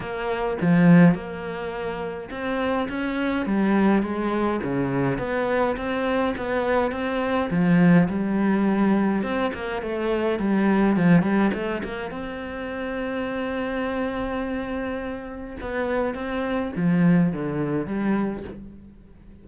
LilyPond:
\new Staff \with { instrumentName = "cello" } { \time 4/4 \tempo 4 = 104 ais4 f4 ais2 | c'4 cis'4 g4 gis4 | cis4 b4 c'4 b4 | c'4 f4 g2 |
c'8 ais8 a4 g4 f8 g8 | a8 ais8 c'2.~ | c'2. b4 | c'4 f4 d4 g4 | }